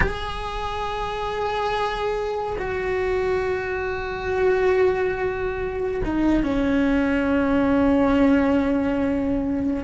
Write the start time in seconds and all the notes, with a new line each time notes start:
0.00 G#4
2.58 F#4
6.04 D#4
6.43 C#4